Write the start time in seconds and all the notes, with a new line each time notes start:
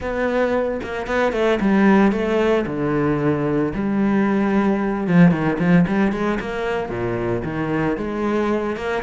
0.00 B3
0.83 A#3
1.06 B3
1.32 A3
1.60 G3
2.12 A3
2.66 D3
3.74 G3
5.07 F3
5.31 D#3
5.58 F3
5.87 G3
6.12 G#3
6.40 A#3
6.89 A#2
7.44 D#3
7.97 G#3
8.76 A#3